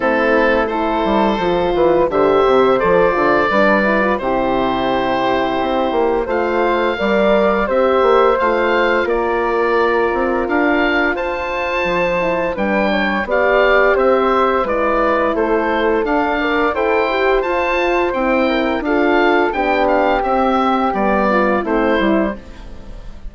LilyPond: <<
  \new Staff \with { instrumentName = "oboe" } { \time 4/4 \tempo 4 = 86 a'4 c''2 e''4 | d''2 c''2~ | c''4 f''2 e''4 | f''4 d''2 f''4 |
a''2 g''4 f''4 | e''4 d''4 c''4 f''4 | g''4 a''4 g''4 f''4 | g''8 f''8 e''4 d''4 c''4 | }
  \new Staff \with { instrumentName = "flute" } { \time 4/4 e'4 a'4. b'8 c''4~ | c''4 b'4 g'2~ | g'4 c''4 d''4 c''4~ | c''4 ais'2. |
c''2 b'8 cis''8 d''4 | c''4 b'4 a'4. d''8 | c''2~ c''8 ais'8 a'4 | g'2~ g'8 f'8 e'4 | }
  \new Staff \with { instrumentName = "horn" } { \time 4/4 c'4 e'4 f'4 g'4 | a'8 f'8 d'8 e'16 f'16 e'2~ | e'4 f'4 ais'4 g'4 | f'1~ |
f'4. e'8 d'4 g'4~ | g'4 e'2 d'8 ais'8 | a'8 g'8 f'4 e'4 f'4 | d'4 c'4 b4 c'8 e'8 | }
  \new Staff \with { instrumentName = "bassoon" } { \time 4/4 a4. g8 f8 e8 d8 c8 | f8 d8 g4 c2 | c'8 ais8 a4 g4 c'8 ais8 | a4 ais4. c'8 d'4 |
f'4 f4 g4 b4 | c'4 gis4 a4 d'4 | e'4 f'4 c'4 d'4 | b4 c'4 g4 a8 g8 | }
>>